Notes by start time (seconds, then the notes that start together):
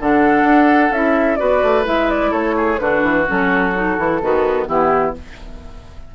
0.00 D3 D4 A4 F#5
0.44 D4
0.91 C#4 E4 E5
1.37 B3 F#4 B4 D5
1.63 A3
1.85 G#3 E4 E5
2.10 D5
2.31 A3 A4 C#5
2.57 G#4
2.79 D3 D4 F#4 B4
3.03 E3
3.27 F#3 C#4 A4
3.76 D#4
3.97 E3 E4
4.22 D#3 B3 F#4
4.67 E3 B3 E4 G4